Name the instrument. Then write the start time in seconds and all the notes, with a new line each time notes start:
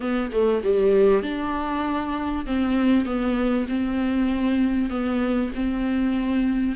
viola
0.00 B3
0.31 A3
0.63 G3
1.22 D4
2.46 C4
3.05 B3
3.68 C4
4.90 B3
5.54 C4